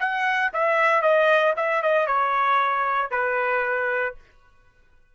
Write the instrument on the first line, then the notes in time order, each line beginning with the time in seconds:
trumpet
0.00 F#5
0.54 E5
1.02 D#5
1.57 E5
1.83 D#5
2.07 C#5
3.11 B4